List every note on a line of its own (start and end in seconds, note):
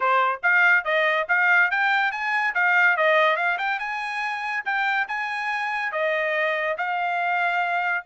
0.00 0.40 C5
0.42 0.84 F5
0.84 1.26 D#5
1.28 1.70 F5
1.71 2.11 G5
2.11 2.54 G#5
2.54 2.96 F5
2.96 3.36 D#5
3.36 3.57 F5
3.58 3.79 G5
3.79 4.63 G#5
4.65 5.07 G5
5.07 5.92 G#5
5.92 6.76 D#5
6.77 8.04 F5